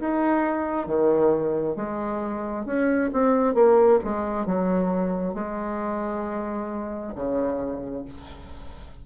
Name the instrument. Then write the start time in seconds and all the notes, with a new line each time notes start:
bassoon
0.00 D#4
0.87 D#3
1.76 G#3
2.65 C#4
3.13 C4
3.54 A#3
4.04 G#3
4.46 F#3
5.34 G#3
7.15 C#3